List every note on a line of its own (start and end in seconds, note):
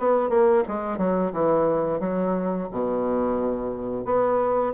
0.00 0.30 B3
0.30 0.64 A#3
0.68 0.98 G#3
0.98 1.32 F#3
1.33 2.00 E3
2.00 2.68 F#3
2.71 4.05 B2
4.05 4.74 B3